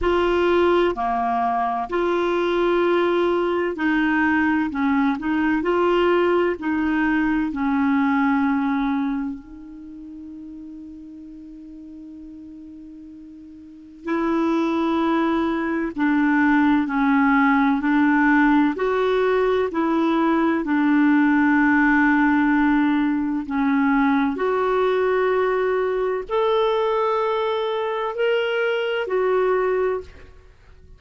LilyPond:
\new Staff \with { instrumentName = "clarinet" } { \time 4/4 \tempo 4 = 64 f'4 ais4 f'2 | dis'4 cis'8 dis'8 f'4 dis'4 | cis'2 dis'2~ | dis'2. e'4~ |
e'4 d'4 cis'4 d'4 | fis'4 e'4 d'2~ | d'4 cis'4 fis'2 | a'2 ais'4 fis'4 | }